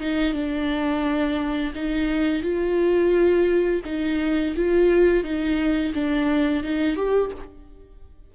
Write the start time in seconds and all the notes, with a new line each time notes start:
0.00 D#4
0.33 D4
1.75 D#4
2.43 F4
3.85 D#4
4.56 F4
5.24 D#4
5.94 D4
6.63 D#4
6.96 G4